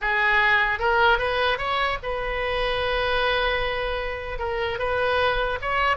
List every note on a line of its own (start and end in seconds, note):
0.01 0.79 G#4
0.79 1.18 A#4
1.18 1.57 B4
1.57 1.97 C#5
2.03 4.39 B4
4.39 4.78 A#4
4.78 5.58 B4
5.61 5.97 C#5